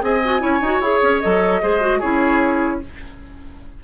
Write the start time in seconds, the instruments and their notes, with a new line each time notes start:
0.00 bassoon C4, clarinet G#4, oboe D#5, flute G#5
0.24 clarinet F#4
0.39 bassoon C#4, clarinet E4, oboe C#5
0.61 bassoon D#4, clarinet F#4
0.80 bassoon E4, clarinet G#4, flute C#5
1.02 bassoon C#4
1.20 bassoon F#3, clarinet A4, flute D#5
1.62 bassoon G#3, clarinet G#4, oboe C5
1.81 clarinet F#4
1.99 bassoon C#4, clarinet E4, oboe G#4, flute C#5